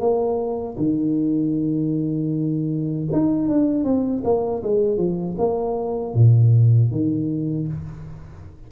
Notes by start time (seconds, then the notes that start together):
0.00 A#3
0.78 D#3
3.13 D#4
3.49 D4
3.85 C4
4.24 A#3
4.63 G#3
4.98 F3
5.38 A#3
6.15 A#2
6.91 D#3